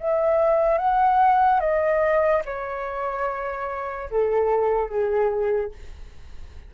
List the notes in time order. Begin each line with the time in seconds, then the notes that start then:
0.00 E5
0.78 F#5
1.60 D#5
2.45 C#5
4.11 A4
4.89 G#4